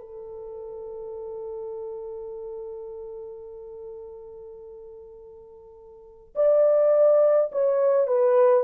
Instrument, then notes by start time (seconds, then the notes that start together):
horn
0.00 A4
6.35 D5
7.52 C#5
8.07 B4